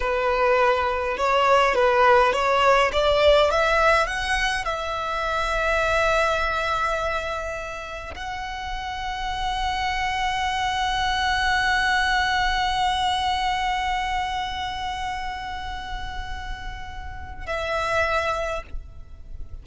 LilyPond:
\new Staff \with { instrumentName = "violin" } { \time 4/4 \tempo 4 = 103 b'2 cis''4 b'4 | cis''4 d''4 e''4 fis''4 | e''1~ | e''2 fis''2~ |
fis''1~ | fis''1~ | fis''1~ | fis''2 e''2 | }